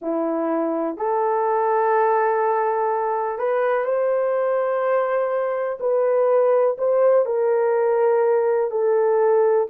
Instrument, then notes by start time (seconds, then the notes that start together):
horn
0.01 E4
0.97 A4
3.38 B4
3.84 C5
5.80 B4
6.77 C5
7.25 A#4
8.71 A4